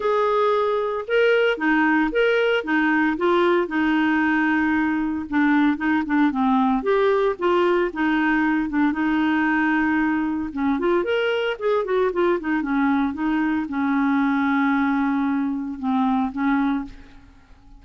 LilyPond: \new Staff \with { instrumentName = "clarinet" } { \time 4/4 \tempo 4 = 114 gis'2 ais'4 dis'4 | ais'4 dis'4 f'4 dis'4~ | dis'2 d'4 dis'8 d'8 | c'4 g'4 f'4 dis'4~ |
dis'8 d'8 dis'2. | cis'8 f'8 ais'4 gis'8 fis'8 f'8 dis'8 | cis'4 dis'4 cis'2~ | cis'2 c'4 cis'4 | }